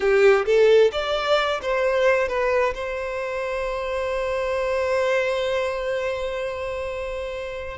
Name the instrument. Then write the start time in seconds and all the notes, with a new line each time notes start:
violin
0.00 G4
0.45 A4
0.92 D5
1.62 C5
2.28 B4
2.74 C5